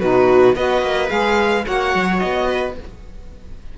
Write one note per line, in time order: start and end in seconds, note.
0.00 0.55 B2
0.00 0.56 D#4
0.00 0.55 F#4
0.00 0.55 B4
0.55 0.82 B3
0.55 1.08 F#4
0.55 1.66 B4
0.55 1.10 D#5
0.82 1.10 A#3
1.08 1.66 G#3
1.08 1.64 G#4
1.08 1.65 F5
1.65 1.95 A#3
1.65 2.75 F#4
1.65 2.48 C#5
1.65 2.19 F#5
1.95 2.22 F#3
2.19 2.78 B3
2.19 2.74 D#5
2.48 2.75 B4